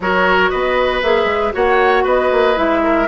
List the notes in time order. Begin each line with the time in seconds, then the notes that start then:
0.00 F#3 F#4 A#4 C#5
0.49 B3 B4 D#5
1.02 A#3 G#4 E5
1.25 G#3
1.53 A#3 F#4 C#5 F#5
2.03 B3 B4 D#5
2.31 A#3
2.55 G#3 E4 E5
2.83 A#4